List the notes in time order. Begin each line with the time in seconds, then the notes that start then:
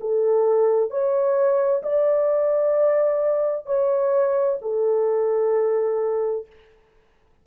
0.00 A4
0.90 C#5
1.83 D5
3.66 C#5
4.62 A4